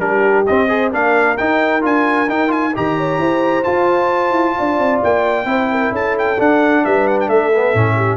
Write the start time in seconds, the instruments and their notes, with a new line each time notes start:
0.00 tuba G3, trombone D4, horn G4, trumpet A#4
0.47 tuba C4, trombone C4, trumpet D#5
0.69 trombone G#4, horn C5
0.92 tuba A#3, trombone D4, horn A#4, trumpet F5
1.38 tuba D#4, trombone D#4, trumpet G5
1.82 tuba D4, trombone F4, trumpet G#5
2.30 tuba D#4, trombone D#4, trumpet G5
2.48 trombone F4, trumpet G#5
2.74 tuba D#3, trombone G4, horn D#5, trumpet A#5
2.98 horn C#5
3.19 tuba E4, horn C5
3.64 trombone F4, tuba F4, trumpet A5
4.32 tuba E4
4.58 tuba D4, horn D5
4.79 tuba C4
5.04 tuba A#3, trumpet G5
5.46 tuba C4, trombone E4, horn C5
5.72 horn A#4
5.92 tuba C#4, horn A4, trumpet A5
6.19 trumpet G5
6.39 trombone D4, tuba D4, trumpet F#5
6.85 tuba G3, horn B4, trumpet E5
7.08 trumpet F#5
7.21 trumpet G5
7.29 tuba A3, horn A4, trumpet E5
7.55 trombone B3
7.75 tuba A2, trombone C#4
7.96 horn G4